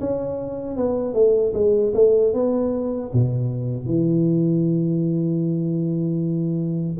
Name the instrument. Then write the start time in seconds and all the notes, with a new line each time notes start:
tuba
0.00 C#4
0.76 B3
1.14 A3
1.54 G#3
1.94 A3
2.33 B3
3.12 B2
3.85 E3